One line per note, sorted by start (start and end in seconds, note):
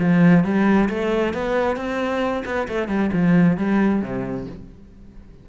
0.00 0.45 F3
0.45 0.90 G3
0.90 1.34 A3
1.34 1.77 B3
1.77 2.44 C4
2.46 2.68 B3
2.69 2.89 A3
2.89 3.11 G3
3.13 3.58 F3
3.58 4.02 G3
4.02 4.47 C3